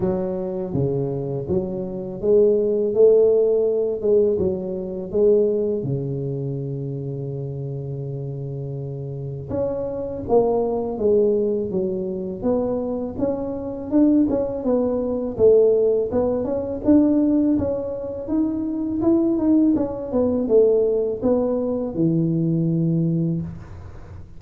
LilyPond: \new Staff \with { instrumentName = "tuba" } { \time 4/4 \tempo 4 = 82 fis4 cis4 fis4 gis4 | a4. gis8 fis4 gis4 | cis1~ | cis4 cis'4 ais4 gis4 |
fis4 b4 cis'4 d'8 cis'8 | b4 a4 b8 cis'8 d'4 | cis'4 dis'4 e'8 dis'8 cis'8 b8 | a4 b4 e2 | }